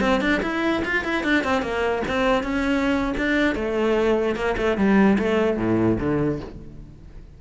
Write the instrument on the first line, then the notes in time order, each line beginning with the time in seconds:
cello
0.00 C4
0.20 D4
0.42 E4
0.84 F4
1.04 E4
1.23 D4
1.44 C4
1.61 A#3
2.07 C4
2.43 C#4
3.17 D4
3.55 A3
4.35 A#3
4.57 A3
4.77 G3
5.18 A3
5.57 A2
5.99 D3